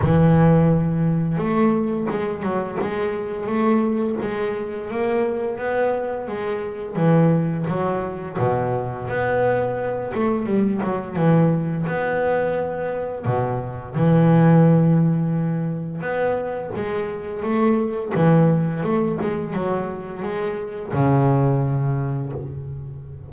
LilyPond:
\new Staff \with { instrumentName = "double bass" } { \time 4/4 \tempo 4 = 86 e2 a4 gis8 fis8 | gis4 a4 gis4 ais4 | b4 gis4 e4 fis4 | b,4 b4. a8 g8 fis8 |
e4 b2 b,4 | e2. b4 | gis4 a4 e4 a8 gis8 | fis4 gis4 cis2 | }